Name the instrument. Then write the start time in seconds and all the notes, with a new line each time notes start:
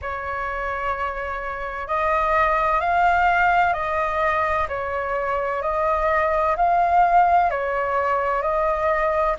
flute
0.01 C#5
1.87 D#5
2.80 F5
3.73 D#5
4.68 C#5
5.62 D#5
6.56 F5
7.50 C#5
8.42 D#5